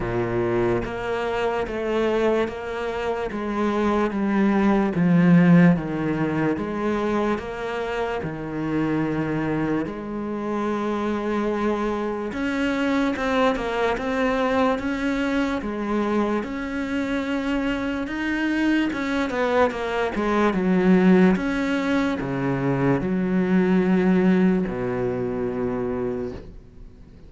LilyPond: \new Staff \with { instrumentName = "cello" } { \time 4/4 \tempo 4 = 73 ais,4 ais4 a4 ais4 | gis4 g4 f4 dis4 | gis4 ais4 dis2 | gis2. cis'4 |
c'8 ais8 c'4 cis'4 gis4 | cis'2 dis'4 cis'8 b8 | ais8 gis8 fis4 cis'4 cis4 | fis2 b,2 | }